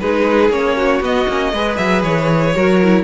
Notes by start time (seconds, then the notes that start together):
0.00 G#3 D#4 G#4 B4
0.50 A#3 C#4 C#5
0.77 F#4
1.01 B3 D#5
1.28 A#3 C#4
1.53 G#3 G#4 B4
1.77 F#3 E5
2.03 E3 C#5
2.56 F#3 F#4 A#4
2.83 E4